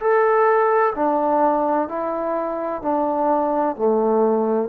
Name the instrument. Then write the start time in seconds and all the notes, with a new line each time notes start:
trombone
0.00 A4
0.95 D4
1.88 E4
2.82 D4
3.76 A3